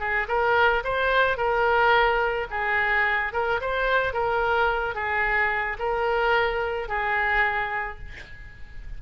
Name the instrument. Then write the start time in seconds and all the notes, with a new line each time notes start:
oboe
0.00 G#4
0.28 A#4
0.84 C5
1.38 A#4
2.51 G#4
3.33 A#4
3.61 C5
4.13 A#4
4.95 G#4
5.79 A#4
6.89 G#4